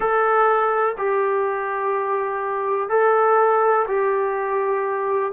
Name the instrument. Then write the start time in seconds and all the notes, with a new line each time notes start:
trombone
0.00 A4
0.97 G4
2.89 A4
3.87 G4